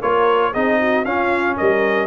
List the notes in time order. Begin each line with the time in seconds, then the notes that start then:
0.00 A#3 F4 A#4 C#5
0.53 C4 D#4 G#4 D#5
0.80 F#4
1.04 C#4 F4 F5
1.56 G3 A#4 D#5